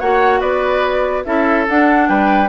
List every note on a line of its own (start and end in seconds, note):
0.00 0.42 A#3
0.00 1.25 F#4
0.00 0.41 C#5
0.00 0.41 F#5
0.41 1.26 B3
0.41 1.24 B4
0.41 1.24 D5
1.25 1.68 C#4
1.25 1.67 E4
1.25 2.09 A4
1.25 1.67 E5
1.69 2.09 D4
1.69 2.49 D4
1.69 2.09 F#5
2.09 2.49 G3
2.09 2.49 B4
2.09 2.49 G5